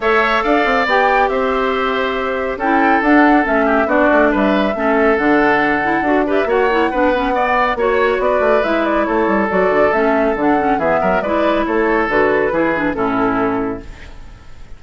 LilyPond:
<<
  \new Staff \with { instrumentName = "flute" } { \time 4/4 \tempo 4 = 139 e''4 f''4 g''4 e''4~ | e''2 g''4 fis''4 | e''4 d''4 e''2 | fis''2~ fis''8 e''8 fis''4~ |
fis''2 cis''4 d''4 | e''8 d''8 cis''4 d''4 e''4 | fis''4 e''4 d''4 cis''4 | b'2 a'2 | }
  \new Staff \with { instrumentName = "oboe" } { \time 4/4 cis''4 d''2 c''4~ | c''2 a'2~ | a'8 g'8 fis'4 b'4 a'4~ | a'2~ a'8 b'8 cis''4 |
b'4 d''4 cis''4 b'4~ | b'4 a'2.~ | a'4 gis'8 ais'8 b'4 a'4~ | a'4 gis'4 e'2 | }
  \new Staff \with { instrumentName = "clarinet" } { \time 4/4 a'2 g'2~ | g'2 e'4 d'4 | cis'4 d'2 cis'4 | d'4. e'8 fis'8 g'8 fis'8 e'8 |
d'8 cis'8 b4 fis'2 | e'2 fis'4 cis'4 | d'8 cis'8 b4 e'2 | fis'4 e'8 d'8 cis'2 | }
  \new Staff \with { instrumentName = "bassoon" } { \time 4/4 a4 d'8 c'8 b4 c'4~ | c'2 cis'4 d'4 | a4 b8 a8 g4 a4 | d2 d'4 ais4 |
b2 ais4 b8 a8 | gis4 a8 g8 fis8 d8 a4 | d4 e8 fis8 gis4 a4 | d4 e4 a,2 | }
>>